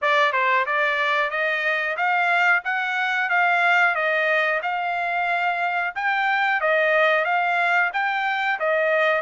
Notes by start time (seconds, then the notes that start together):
0.01 D5
0.32 C5
0.66 D5
1.30 D#5
1.96 F5
2.64 F#5
3.29 F5
3.95 D#5
4.62 F5
5.95 G5
6.60 D#5
7.24 F5
7.93 G5
8.59 D#5